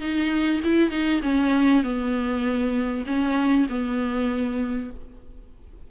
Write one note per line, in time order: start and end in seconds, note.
0.00 0.61 D#4
0.64 0.90 E4
0.90 1.21 D#4
1.22 1.83 C#4
1.83 3.04 B3
3.06 3.67 C#4
3.69 4.90 B3